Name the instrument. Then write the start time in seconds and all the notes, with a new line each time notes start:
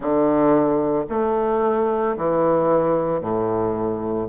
bassoon
0.00 D3
1.09 A3
2.17 E3
3.20 A2